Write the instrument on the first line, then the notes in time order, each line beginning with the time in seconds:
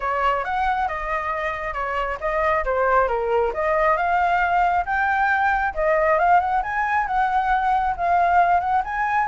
flute
0.00 C#5
0.44 F#5
0.88 D#5
1.73 C#5
2.20 D#5
2.64 C5
3.08 A#4
3.53 D#5
3.96 F5
4.85 G5
5.74 D#5
6.19 F5
6.40 F#5
6.63 G#5
7.06 F#5
7.97 F5
8.60 F#5
8.84 G#5